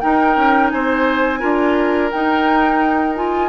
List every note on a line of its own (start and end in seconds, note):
0.00 1.40 D#4
0.00 0.36 D#4
0.00 0.72 A#4
0.00 0.70 G5
0.36 0.71 C#4
0.70 1.43 C4
0.70 1.40 C5
0.70 2.10 G#5
1.40 2.12 D4
1.40 2.09 F4
1.40 3.49 A#4
2.10 3.49 D#4
2.10 3.15 D#4
2.10 3.15 G5
3.15 3.49 F4
3.15 3.49 G#5